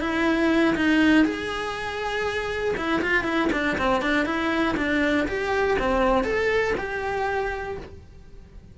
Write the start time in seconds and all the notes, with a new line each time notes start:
0.00 E4
0.75 D#4
1.25 G#4
2.76 E4
3.02 F4
3.24 E4
3.52 D4
3.78 C4
4.01 D4
4.25 E4
4.77 D4
5.27 G4
5.79 C4
6.24 A4
6.77 G4